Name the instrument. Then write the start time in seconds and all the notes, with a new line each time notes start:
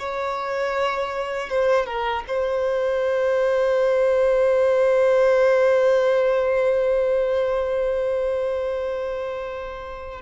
violin
0.00 C#5
1.50 C5
1.86 A#4
2.28 C5